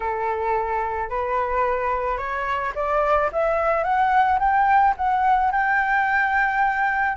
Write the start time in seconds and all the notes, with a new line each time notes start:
0.00 A4
1.09 B4
2.17 C#5
2.75 D5
3.32 E5
3.83 F#5
4.39 G5
4.96 F#5
5.51 G5